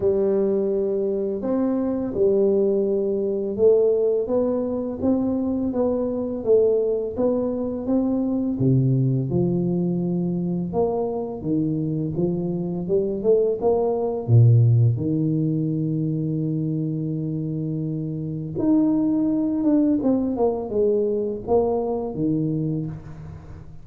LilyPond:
\new Staff \with { instrumentName = "tuba" } { \time 4/4 \tempo 4 = 84 g2 c'4 g4~ | g4 a4 b4 c'4 | b4 a4 b4 c'4 | c4 f2 ais4 |
dis4 f4 g8 a8 ais4 | ais,4 dis2.~ | dis2 dis'4. d'8 | c'8 ais8 gis4 ais4 dis4 | }